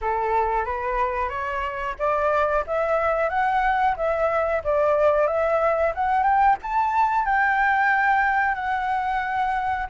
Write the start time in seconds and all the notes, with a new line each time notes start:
0.01 A4
0.65 B4
1.29 C#5
1.98 D5
2.66 E5
3.29 F#5
3.96 E5
4.64 D5
5.27 E5
5.94 F#5
6.23 G5
6.62 A5
7.25 G5
8.54 F#5